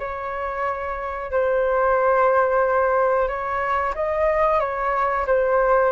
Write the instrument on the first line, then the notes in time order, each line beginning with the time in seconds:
flute
0.00 C#5
1.32 C5
3.29 C#5
3.96 D#5
4.60 C#5
5.27 C5